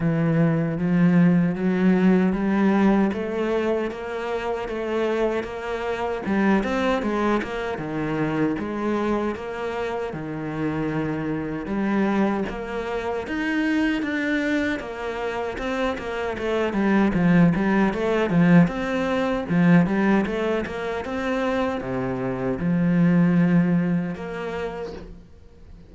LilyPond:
\new Staff \with { instrumentName = "cello" } { \time 4/4 \tempo 4 = 77 e4 f4 fis4 g4 | a4 ais4 a4 ais4 | g8 c'8 gis8 ais8 dis4 gis4 | ais4 dis2 g4 |
ais4 dis'4 d'4 ais4 | c'8 ais8 a8 g8 f8 g8 a8 f8 | c'4 f8 g8 a8 ais8 c'4 | c4 f2 ais4 | }